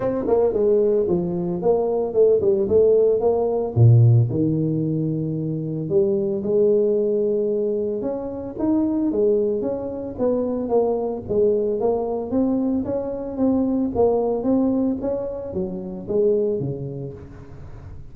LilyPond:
\new Staff \with { instrumentName = "tuba" } { \time 4/4 \tempo 4 = 112 c'8 ais8 gis4 f4 ais4 | a8 g8 a4 ais4 ais,4 | dis2. g4 | gis2. cis'4 |
dis'4 gis4 cis'4 b4 | ais4 gis4 ais4 c'4 | cis'4 c'4 ais4 c'4 | cis'4 fis4 gis4 cis4 | }